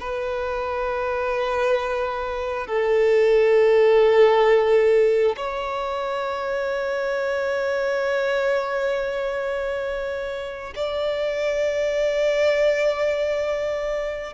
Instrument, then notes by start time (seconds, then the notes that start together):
violin
0.00 B4
2.67 A4
5.37 C#5
10.76 D5